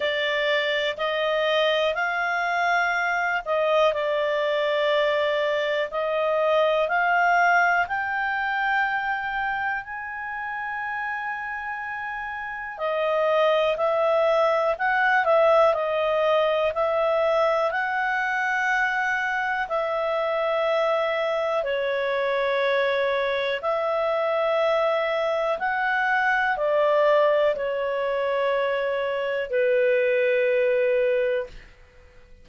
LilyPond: \new Staff \with { instrumentName = "clarinet" } { \time 4/4 \tempo 4 = 61 d''4 dis''4 f''4. dis''8 | d''2 dis''4 f''4 | g''2 gis''2~ | gis''4 dis''4 e''4 fis''8 e''8 |
dis''4 e''4 fis''2 | e''2 cis''2 | e''2 fis''4 d''4 | cis''2 b'2 | }